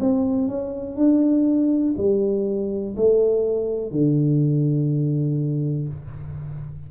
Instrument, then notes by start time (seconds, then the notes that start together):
tuba
0.00 C4
0.48 C#4
0.96 D4
1.97 G3
2.96 A3
3.91 D3